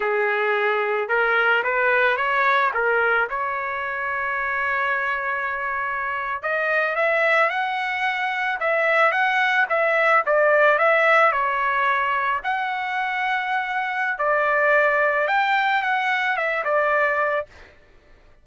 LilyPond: \new Staff \with { instrumentName = "trumpet" } { \time 4/4 \tempo 4 = 110 gis'2 ais'4 b'4 | cis''4 ais'4 cis''2~ | cis''2.~ cis''8. dis''16~ | dis''8. e''4 fis''2 e''16~ |
e''8. fis''4 e''4 d''4 e''16~ | e''8. cis''2 fis''4~ fis''16~ | fis''2 d''2 | g''4 fis''4 e''8 d''4. | }